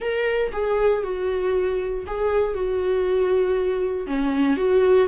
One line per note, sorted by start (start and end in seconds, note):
0.00 0.51 A#4
0.52 1.03 G#4
1.03 2.05 F#4
2.06 2.54 G#4
2.54 4.06 F#4
4.06 4.57 C#4
4.57 5.08 F#4